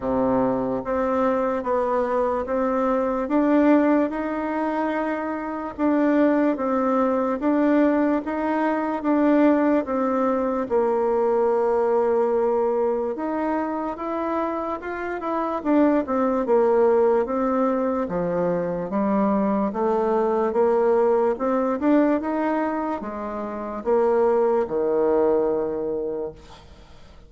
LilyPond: \new Staff \with { instrumentName = "bassoon" } { \time 4/4 \tempo 4 = 73 c4 c'4 b4 c'4 | d'4 dis'2 d'4 | c'4 d'4 dis'4 d'4 | c'4 ais2. |
dis'4 e'4 f'8 e'8 d'8 c'8 | ais4 c'4 f4 g4 | a4 ais4 c'8 d'8 dis'4 | gis4 ais4 dis2 | }